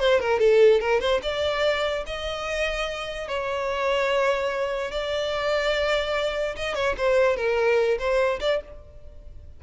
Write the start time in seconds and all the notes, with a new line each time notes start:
0.00 C5
0.20 A#4
0.40 A4
0.81 A#4
1.00 C5
1.23 D5
2.06 D#5
3.28 C#5
4.91 D5
6.56 D#5
6.75 C#5
6.98 C5
7.37 A#4
7.99 C5
8.40 D5